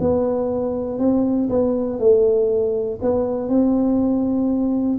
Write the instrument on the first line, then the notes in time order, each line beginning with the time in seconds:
tuba
0.00 B3
0.99 C4
1.49 B3
1.99 A3
3.01 B3
3.48 C4